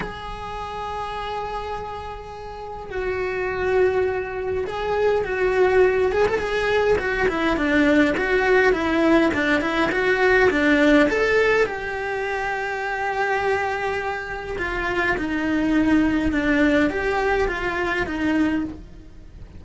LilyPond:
\new Staff \with { instrumentName = "cello" } { \time 4/4 \tempo 4 = 103 gis'1~ | gis'4 fis'2. | gis'4 fis'4. gis'16 a'16 gis'4 | fis'8 e'8 d'4 fis'4 e'4 |
d'8 e'8 fis'4 d'4 a'4 | g'1~ | g'4 f'4 dis'2 | d'4 g'4 f'4 dis'4 | }